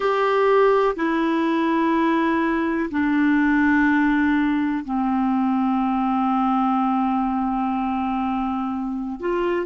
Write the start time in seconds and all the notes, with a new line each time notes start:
0.00 G4
0.96 E4
2.90 D4
4.84 C4
9.20 F4